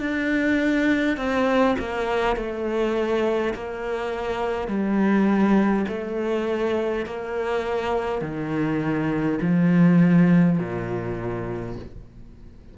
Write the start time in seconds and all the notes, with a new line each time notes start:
0.00 D4
1.18 C4
1.80 A#3
2.36 A3
3.55 A#3
4.68 G3
5.89 A3
7.06 A#3
8.21 D#3
9.42 F3
10.59 A#2